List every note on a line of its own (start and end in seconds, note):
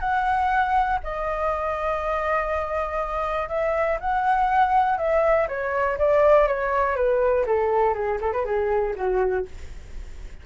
0.00 0.99 F#5
1.04 3.49 D#5
3.49 3.98 E5
4.01 4.98 F#5
4.98 5.48 E5
5.48 5.98 C#5
5.98 6.48 D5
6.48 6.96 C#5
6.96 7.46 B4
7.46 7.94 A4
7.94 8.19 G#4
8.21 8.33 A4
8.33 8.45 B4
8.45 8.95 G#4
8.96 9.46 F#4